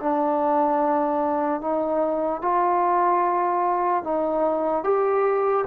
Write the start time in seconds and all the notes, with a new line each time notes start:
0.00 D4
1.61 D#4
2.42 F4
4.04 D#4
4.84 G4